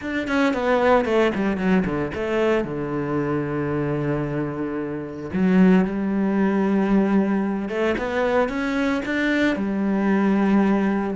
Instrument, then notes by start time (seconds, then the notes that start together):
cello
0.01 D4
0.27 C#4
0.53 B3
1.05 A3
1.34 G3
1.57 F#3
1.85 D3
2.14 A3
2.64 D3
5.33 F#3
5.84 G3
7.68 A3
7.97 B3
8.48 C#4
9.05 D4
9.56 G3